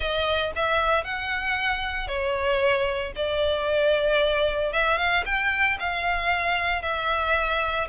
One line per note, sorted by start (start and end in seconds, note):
0.00 0.51 D#5
0.55 1.04 E5
1.04 2.07 F#5
2.07 3.12 C#5
3.15 4.72 D5
4.72 4.97 E5
4.97 5.23 F5
5.25 5.78 G5
5.79 6.82 F5
6.82 7.87 E5